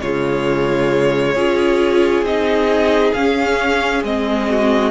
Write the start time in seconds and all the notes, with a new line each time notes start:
0.00 C#3 G#3 F4 C#5
1.34 C#4 F4 G#4
2.22 C4 D#4 D#5
3.12 C#4 F5
4.03 G#3 C4 D#5
4.50 F#4